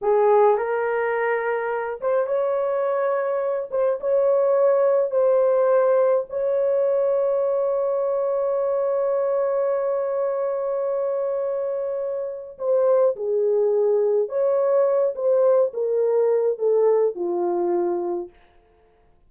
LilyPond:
\new Staff \with { instrumentName = "horn" } { \time 4/4 \tempo 4 = 105 gis'4 ais'2~ ais'8 c''8 | cis''2~ cis''8 c''8 cis''4~ | cis''4 c''2 cis''4~ | cis''1~ |
cis''1~ | cis''2 c''4 gis'4~ | gis'4 cis''4. c''4 ais'8~ | ais'4 a'4 f'2 | }